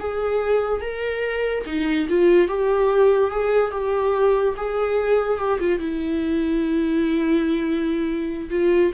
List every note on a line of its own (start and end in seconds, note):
0.00 0.81 G#4
0.81 1.65 A#4
1.66 2.08 D#4
2.09 2.48 F4
2.48 3.31 G4
3.31 3.72 G#4
3.72 4.55 G4
4.57 5.39 G#4
5.39 5.59 G4
5.60 5.79 F4
5.79 8.50 E4
8.50 8.92 F4